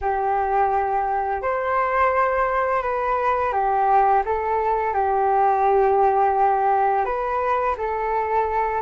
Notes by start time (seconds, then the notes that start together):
0.01 G4
1.41 C5
2.82 B4
3.52 G4
4.25 A4
4.93 G4
7.05 B4
7.77 A4